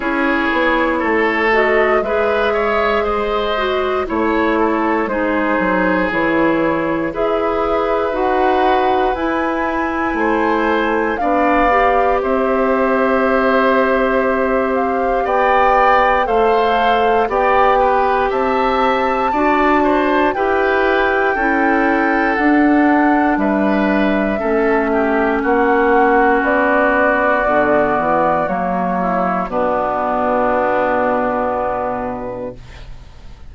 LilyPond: <<
  \new Staff \with { instrumentName = "flute" } { \time 4/4 \tempo 4 = 59 cis''4. dis''8 e''4 dis''4 | cis''4 c''4 cis''4 e''4 | fis''4 gis''2 f''4 | e''2~ e''8 f''8 g''4 |
f''4 g''4 a''2 | g''2 fis''4 e''4~ | e''4 fis''4 d''2 | cis''4 b'2. | }
  \new Staff \with { instrumentName = "oboe" } { \time 4/4 gis'4 a'4 b'8 cis''8 c''4 | cis''8 a'8 gis'2 b'4~ | b'2 c''4 d''4 | c''2. d''4 |
c''4 d''8 b'8 e''4 d''8 c''8 | b'4 a'2 b'4 | a'8 g'8 fis'2.~ | fis'8 e'8 d'2. | }
  \new Staff \with { instrumentName = "clarinet" } { \time 4/4 e'4. fis'8 gis'4. fis'8 | e'4 dis'4 e'4 gis'4 | fis'4 e'2 d'8 g'8~ | g'1 |
a'4 g'2 fis'4 | g'4 e'4 d'2 | cis'2. b4 | ais4 b2. | }
  \new Staff \with { instrumentName = "bassoon" } { \time 4/4 cis'8 b8 a4 gis2 | a4 gis8 fis8 e4 e'4 | dis'4 e'4 a4 b4 | c'2. b4 |
a4 b4 c'4 d'4 | e'4 cis'4 d'4 g4 | a4 ais4 b4 d8 e8 | fis4 b,2. | }
>>